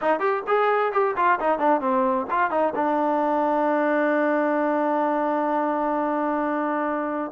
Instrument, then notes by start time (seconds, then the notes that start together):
trombone
0.01 D#4
0.19 G4
0.47 G#4
0.92 G4
1.16 F4
1.39 D#4
1.58 D4
1.80 C4
2.30 F4
2.50 D#4
2.75 D4